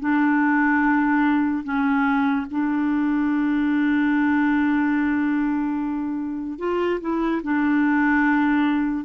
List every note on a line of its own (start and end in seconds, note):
0.00 1.64 D4
1.64 2.46 C#4
2.51 6.59 D4
6.59 7.00 F4
7.01 7.42 E4
7.43 9.05 D4